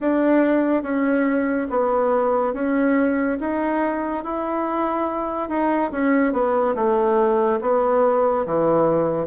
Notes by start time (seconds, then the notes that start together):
0.00 D4
0.83 C#4
1.69 B3
2.54 C#4
3.40 D#4
4.23 E4
5.49 D#4
5.92 C#4
6.32 B3
6.75 A3
7.61 B3
8.45 E3